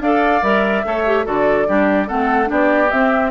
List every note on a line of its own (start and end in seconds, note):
0.00 0.41 D4
0.00 0.42 A4
0.00 0.86 D5
0.00 0.44 F5
0.42 0.84 G3
0.42 0.84 A#4
0.42 1.27 E5
0.84 1.27 A3
0.84 1.05 A4
0.84 1.26 C#5
1.06 1.25 G4
1.25 1.68 D3
1.25 1.66 F#4
1.25 1.67 A4
1.25 2.09 D5
1.67 2.10 G3
1.67 2.07 D4
1.67 2.08 G4
2.07 2.50 A3
2.07 2.46 C4
2.07 2.49 A4
2.07 2.50 F#5
2.46 2.92 B3
2.46 2.87 D4
2.46 3.31 G4
2.46 2.91 D5
2.91 3.31 C4
2.91 3.31 E5